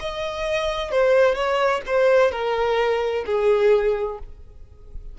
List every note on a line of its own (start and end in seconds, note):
0.00 0.92 D#5
0.92 1.35 C5
1.35 1.82 C#5
1.86 2.32 C5
2.32 3.25 A#4
3.26 4.19 G#4